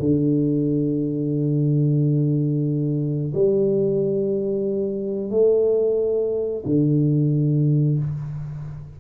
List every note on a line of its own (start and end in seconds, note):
0.00 3.33 D3
3.34 5.30 G3
5.30 6.64 A3
6.65 7.99 D3